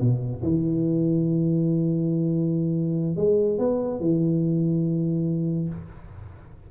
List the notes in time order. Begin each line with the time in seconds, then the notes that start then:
0.00 B2
0.42 E3
3.16 G#3
3.59 B3
4.00 E3